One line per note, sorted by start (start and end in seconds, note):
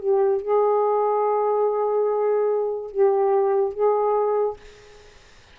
0.00 0.42 G4
0.42 2.91 G#4
2.91 3.74 G4
3.74 4.57 G#4